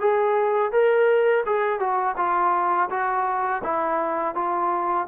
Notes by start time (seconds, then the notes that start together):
0.00 G#4
0.72 A#4
1.46 G#4
1.79 F#4
2.17 F4
2.90 F#4
3.63 E4
4.35 F4